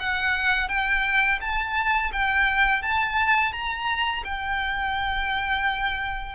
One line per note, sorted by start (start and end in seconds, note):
0.00 0.69 F#5
0.69 1.40 G5
1.41 2.12 A5
2.12 2.83 G5
2.83 3.53 A5
3.53 4.24 A#5
4.24 6.36 G5